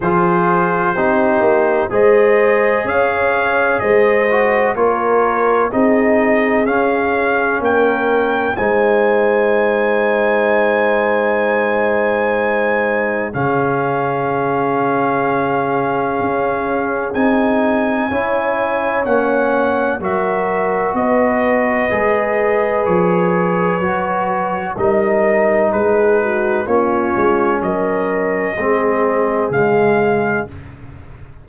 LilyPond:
<<
  \new Staff \with { instrumentName = "trumpet" } { \time 4/4 \tempo 4 = 63 c''2 dis''4 f''4 | dis''4 cis''4 dis''4 f''4 | g''4 gis''2.~ | gis''2 f''2~ |
f''2 gis''2 | fis''4 e''4 dis''2 | cis''2 dis''4 b'4 | cis''4 dis''2 f''4 | }
  \new Staff \with { instrumentName = "horn" } { \time 4/4 gis'4 g'4 c''4 cis''4 | c''4 ais'4 gis'2 | ais'4 c''2.~ | c''2 gis'2~ |
gis'2. cis''4~ | cis''4 ais'4 b'2~ | b'2 ais'4 gis'8 fis'8 | f'4 ais'4 gis'2 | }
  \new Staff \with { instrumentName = "trombone" } { \time 4/4 f'4 dis'4 gis'2~ | gis'8 fis'8 f'4 dis'4 cis'4~ | cis'4 dis'2.~ | dis'2 cis'2~ |
cis'2 dis'4 e'4 | cis'4 fis'2 gis'4~ | gis'4 fis'4 dis'2 | cis'2 c'4 gis4 | }
  \new Staff \with { instrumentName = "tuba" } { \time 4/4 f4 c'8 ais8 gis4 cis'4 | gis4 ais4 c'4 cis'4 | ais4 gis2.~ | gis2 cis2~ |
cis4 cis'4 c'4 cis'4 | ais4 fis4 b4 gis4 | f4 fis4 g4 gis4 | ais8 gis8 fis4 gis4 cis4 | }
>>